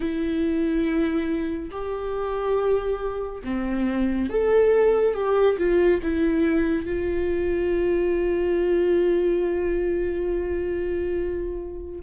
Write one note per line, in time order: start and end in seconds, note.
0.00 1.69 E4
1.71 3.42 G4
3.44 4.29 C4
4.29 5.14 A4
5.14 5.57 G4
5.58 6.00 F4
6.02 6.86 E4
6.86 12.00 F4